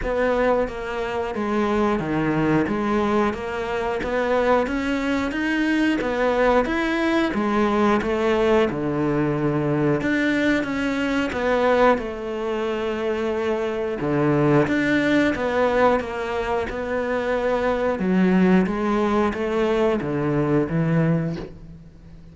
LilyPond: \new Staff \with { instrumentName = "cello" } { \time 4/4 \tempo 4 = 90 b4 ais4 gis4 dis4 | gis4 ais4 b4 cis'4 | dis'4 b4 e'4 gis4 | a4 d2 d'4 |
cis'4 b4 a2~ | a4 d4 d'4 b4 | ais4 b2 fis4 | gis4 a4 d4 e4 | }